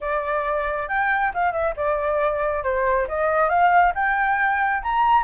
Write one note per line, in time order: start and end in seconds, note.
0.00 0.88 D5
0.88 1.32 G5
1.34 1.52 F5
1.52 1.74 E5
1.76 2.63 D5
2.63 3.07 C5
3.08 3.49 D#5
3.49 3.93 F5
3.94 4.82 G5
4.82 5.23 A#5